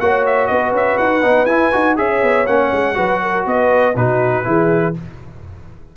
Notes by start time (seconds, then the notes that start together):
0.00 A#3 F#4 C#5 F#5
0.26 E5
0.47 B3 B4 D#5
0.72 C#4 E5
0.98 D#4 F#5
1.22 B3 D#4
1.45 E4 G#5
1.72 D#4 F#4
1.97 C#4 G#4 C#5 E5
2.23 B3
2.46 A#3 C#4 F#5
2.72 G#3
2.94 F#3 F#4 B4
3.22 A#4
3.46 B3 B4 D#5
3.95 B2 D#4 F#4 B4
4.44 E3 E4 G#4